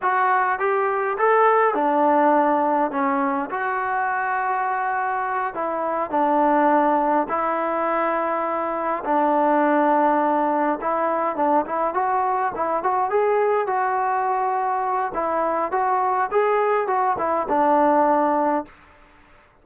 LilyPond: \new Staff \with { instrumentName = "trombone" } { \time 4/4 \tempo 4 = 103 fis'4 g'4 a'4 d'4~ | d'4 cis'4 fis'2~ | fis'4. e'4 d'4.~ | d'8 e'2. d'8~ |
d'2~ d'8 e'4 d'8 | e'8 fis'4 e'8 fis'8 gis'4 fis'8~ | fis'2 e'4 fis'4 | gis'4 fis'8 e'8 d'2 | }